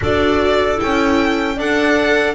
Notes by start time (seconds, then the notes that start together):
0.01 D4 F#4 A4 D5
0.76 E4 G5
0.82 C#4
1.56 D4 A4 D5 F#5